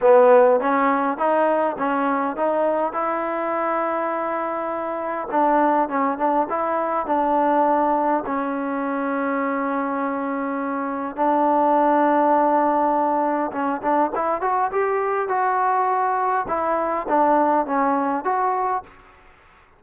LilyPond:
\new Staff \with { instrumentName = "trombone" } { \time 4/4 \tempo 4 = 102 b4 cis'4 dis'4 cis'4 | dis'4 e'2.~ | e'4 d'4 cis'8 d'8 e'4 | d'2 cis'2~ |
cis'2. d'4~ | d'2. cis'8 d'8 | e'8 fis'8 g'4 fis'2 | e'4 d'4 cis'4 fis'4 | }